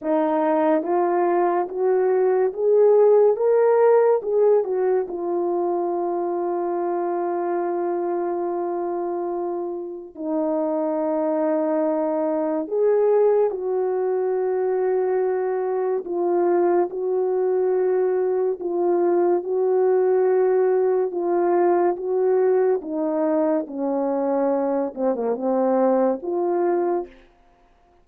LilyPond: \new Staff \with { instrumentName = "horn" } { \time 4/4 \tempo 4 = 71 dis'4 f'4 fis'4 gis'4 | ais'4 gis'8 fis'8 f'2~ | f'1 | dis'2. gis'4 |
fis'2. f'4 | fis'2 f'4 fis'4~ | fis'4 f'4 fis'4 dis'4 | cis'4. c'16 ais16 c'4 f'4 | }